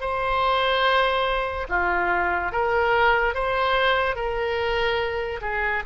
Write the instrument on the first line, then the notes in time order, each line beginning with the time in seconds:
oboe
0.00 C5
1.69 F4
2.52 A#4
3.34 C5
4.15 A#4
5.41 G#4